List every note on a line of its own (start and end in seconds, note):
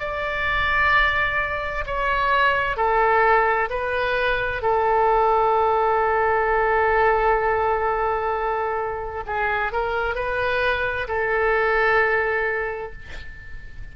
0.00 1.85 D5
1.86 2.77 C#5
2.77 3.69 A4
3.70 4.62 B4
4.62 9.23 A4
9.26 9.72 G#4
9.72 10.15 A#4
10.15 11.07 B4
11.08 12.92 A4